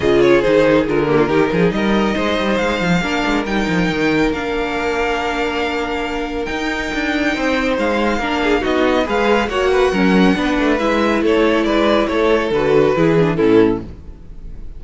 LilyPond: <<
  \new Staff \with { instrumentName = "violin" } { \time 4/4 \tempo 4 = 139 dis''8 cis''8 c''4 ais'2 | dis''2 f''2 | g''2 f''2~ | f''2. g''4~ |
g''2 f''2 | dis''4 f''4 fis''2~ | fis''4 e''4 cis''4 d''4 | cis''4 b'2 a'4 | }
  \new Staff \with { instrumentName = "violin" } { \time 4/4 gis'2~ gis'8 g'16 f'16 g'8 gis'8 | ais'4 c''2 ais'4~ | ais'1~ | ais'1~ |
ais'4 c''2 ais'8 gis'8 | fis'4 b'4 cis''8 b'8 ais'4 | b'2 a'4 b'4 | a'2 gis'4 e'4 | }
  \new Staff \with { instrumentName = "viola" } { \time 4/4 f'4 dis'4 f'8 ais8 dis'4~ | dis'2. d'4 | dis'2 d'2~ | d'2. dis'4~ |
dis'2. d'4 | dis'4 gis'4 fis'4 cis'4 | d'4 e'2.~ | e'4 fis'4 e'8 d'8 cis'4 | }
  \new Staff \with { instrumentName = "cello" } { \time 4/4 cis4 dis4 d4 dis8 f8 | g4 gis8 g8 gis8 f8 ais8 gis8 | g8 f8 dis4 ais2~ | ais2. dis'4 |
d'4 c'4 gis4 ais4 | b4 gis4 ais4 fis4 | b8 a8 gis4 a4 gis4 | a4 d4 e4 a,4 | }
>>